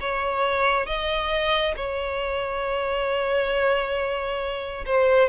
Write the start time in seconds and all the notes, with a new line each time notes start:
0.00 C#5
0.86 D#5
1.76 C#5
4.86 C5